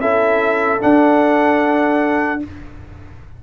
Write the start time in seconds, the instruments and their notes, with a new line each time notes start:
0.00 tuba C#4, trombone E4, horn A4, trumpet E5
0.80 trombone D4, tuba D4, trumpet F#5